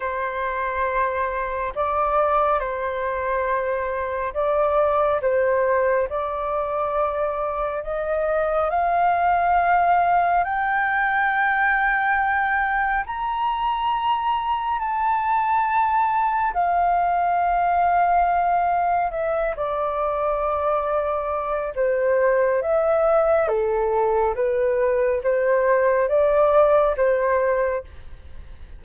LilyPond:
\new Staff \with { instrumentName = "flute" } { \time 4/4 \tempo 4 = 69 c''2 d''4 c''4~ | c''4 d''4 c''4 d''4~ | d''4 dis''4 f''2 | g''2. ais''4~ |
ais''4 a''2 f''4~ | f''2 e''8 d''4.~ | d''4 c''4 e''4 a'4 | b'4 c''4 d''4 c''4 | }